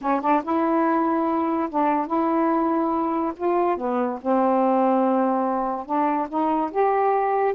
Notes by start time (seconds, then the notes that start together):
0.01 C#4
0.21 D4
0.43 E4
1.69 D4
2.07 E4
3.36 F4
3.77 B3
4.21 C4
5.85 D4
6.28 D#4
6.71 G4